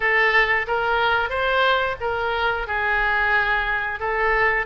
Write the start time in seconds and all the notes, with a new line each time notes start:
0.00 A4
0.67 A#4
1.29 C5
2.00 A#4
2.67 G#4
3.99 A4